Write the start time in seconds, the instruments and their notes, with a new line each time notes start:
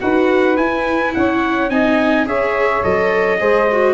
0.00 tuba D#4, viola F#4, saxophone B4, trumpet F#5
0.57 tuba E4, viola E4, trumpet G#5
1.14 tuba C#4, saxophone C#5, trumpet F#5
1.70 tuba C4, viola D#4, saxophone D#5, trumpet G#5
2.26 tuba C#4, viola G#4, saxophone C#5, trumpet E5
2.83 tuba F#3, viola A4, trumpet D#5
3.40 tuba G#3, viola G#4, saxophone C5
3.72 viola F#4